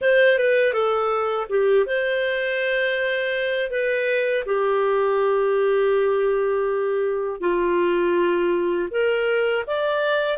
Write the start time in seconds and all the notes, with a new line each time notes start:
0.01 C5
0.38 B4
0.73 A4
1.48 G4
1.86 C5
3.70 B4
4.45 G4
7.40 F4
8.90 A#4
9.67 D5